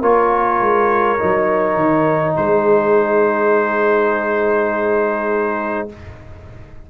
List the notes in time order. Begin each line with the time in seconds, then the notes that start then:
0.00 A#3 F4 A#4 C#5
0.60 G#3
1.18 F#3 D#4
1.75 D#3
2.36 G#3 G#4 C5